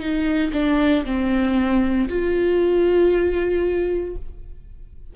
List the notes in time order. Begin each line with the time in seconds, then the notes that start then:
0.00 D#4
0.53 D4
1.05 C4
2.09 F4